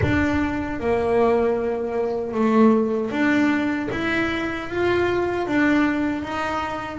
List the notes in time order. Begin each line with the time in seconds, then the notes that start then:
0.02 D4
0.80 A#3
2.33 A3
3.10 D4
3.91 E4
4.69 F4
5.46 D4
6.23 D#4